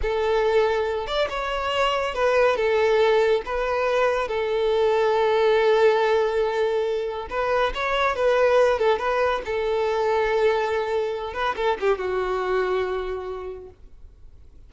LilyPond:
\new Staff \with { instrumentName = "violin" } { \time 4/4 \tempo 4 = 140 a'2~ a'8 d''8 cis''4~ | cis''4 b'4 a'2 | b'2 a'2~ | a'1~ |
a'4 b'4 cis''4 b'4~ | b'8 a'8 b'4 a'2~ | a'2~ a'8 b'8 a'8 g'8 | fis'1 | }